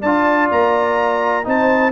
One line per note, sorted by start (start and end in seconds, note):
0.00 0.51 D4
0.00 1.44 F4
0.00 1.44 D5
0.00 0.49 A5
0.51 1.46 A#3
0.51 1.47 A#5
1.44 1.91 C4
1.44 1.91 D#4
1.44 1.91 C5
1.44 1.91 A5